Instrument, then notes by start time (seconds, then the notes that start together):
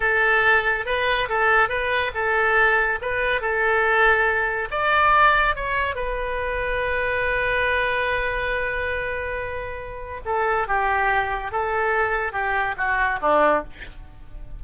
oboe
0.00 A4
0.85 B4
1.28 A4
1.68 B4
2.14 A4
3.01 B4
3.41 A4
4.70 D5
5.55 C#5
5.95 B4
10.25 A4
10.67 G4
11.51 A4
12.32 G4
12.77 F#4
13.21 D4